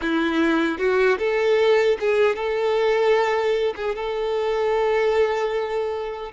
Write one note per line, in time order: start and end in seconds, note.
0.01 0.78 E4
0.78 1.18 F#4
1.18 1.97 A4
2.00 2.35 G#4
2.35 3.74 A4
3.75 3.95 G#4
3.95 6.32 A4